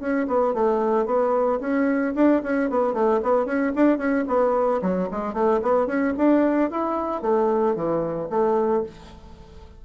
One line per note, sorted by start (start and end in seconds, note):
0.00 0.27 C#4
0.28 0.54 B3
0.54 1.06 A3
1.06 1.59 B3
1.60 2.14 C#4
2.15 2.42 D4
2.44 2.70 C#4
2.70 2.94 B3
2.94 3.20 A3
3.23 3.46 B3
3.46 3.72 C#4
3.75 3.98 D4
3.98 4.25 C#4
4.28 4.81 B3
4.82 5.09 F#3
5.11 5.34 G#3
5.34 5.61 A3
5.62 5.87 B3
5.87 6.13 C#4
6.18 6.71 D4
6.71 7.22 E4
7.22 7.76 A3
7.76 8.29 E3
8.30 8.84 A3